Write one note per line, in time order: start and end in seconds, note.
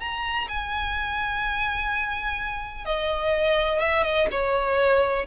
0.00 0.48 A#5
0.48 2.85 G#5
2.85 3.79 D#5
3.79 4.03 E5
4.03 4.27 D#5
4.31 5.26 C#5